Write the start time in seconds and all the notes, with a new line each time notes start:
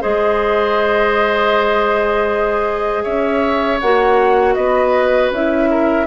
0.00 G#3 G#4 C5 D#5
3.03 C#4 C#5 E5
3.80 A#3 F#4 F#5
4.54 B3 B4 D#5
5.30 C#4 E4 E5
5.70 A#4